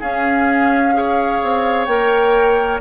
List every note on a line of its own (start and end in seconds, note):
0.00 1.42 C#4
0.00 0.94 C#4
0.00 0.94 G#4
0.00 1.85 F5
0.94 1.87 G#4
0.94 2.81 C#5
1.43 1.87 C4
1.85 2.81 A#3
1.85 2.81 A#4
1.85 2.79 G5